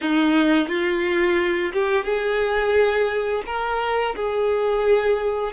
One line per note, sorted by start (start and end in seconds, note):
0.01 0.68 D#4
0.68 1.71 F4
1.73 2.05 G4
2.05 3.43 G#4
3.46 4.15 A#4
4.15 5.52 G#4